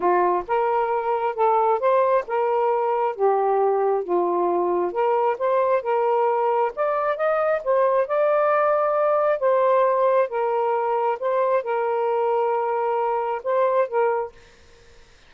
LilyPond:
\new Staff \with { instrumentName = "saxophone" } { \time 4/4 \tempo 4 = 134 f'4 ais'2 a'4 | c''4 ais'2 g'4~ | g'4 f'2 ais'4 | c''4 ais'2 d''4 |
dis''4 c''4 d''2~ | d''4 c''2 ais'4~ | ais'4 c''4 ais'2~ | ais'2 c''4 ais'4 | }